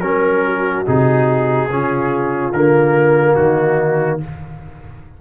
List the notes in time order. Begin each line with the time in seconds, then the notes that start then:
0.00 F#3 C#4 A#4
0.06 A#4
0.46 F#4
0.86 C3 D#4 G#4
1.70 C#3 C#4 F4
2.53 D3 A#3 A#4
3.35 D#3 D#4 F#4